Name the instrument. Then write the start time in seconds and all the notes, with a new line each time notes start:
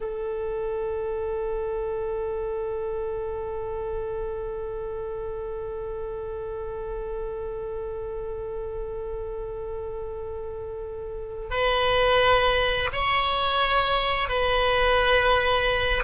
oboe
0.00 A4
11.50 B4
12.92 C#5
14.28 B4